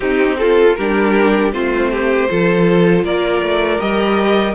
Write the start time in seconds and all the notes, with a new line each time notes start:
0.00 C4 D#4 G4
0.38 F4 A4
0.75 G3 D4 G4 A#4
1.52 A3 C4 F4 C5
1.91 G4
2.29 F3 F4 A4
3.04 A#3 A#4 D5
3.41 A3
3.79 G3 G4 D#5